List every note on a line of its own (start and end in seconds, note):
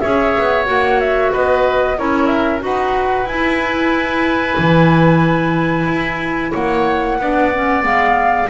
0.00 0.37 C#4
0.00 0.65 G#4
0.00 1.32 C#5
0.00 0.65 E5
0.38 0.68 B3
0.65 1.33 A#3
0.65 1.96 F#4
0.65 1.00 F#5
1.00 1.32 E5
1.32 1.99 B3
1.32 1.97 B4
1.32 1.98 D#5
1.98 2.63 C#4
1.98 2.60 E4
1.98 2.64 A#4
1.98 2.27 C#5
2.27 2.59 E5
2.60 3.25 D#4
2.60 3.25 F#4
2.60 6.52 B4
2.60 3.27 F#5
3.25 4.56 E4
3.25 7.20 E4
3.25 6.53 G#5
4.58 5.87 E3
5.87 6.52 E4
6.52 7.19 A#3
6.52 7.17 C#5
6.52 7.84 F#5
7.19 7.84 B3
7.19 7.53 D4
7.19 8.50 D5
7.54 7.82 C#4
7.82 8.49 G#3
7.82 8.47 B3
7.82 8.49 F5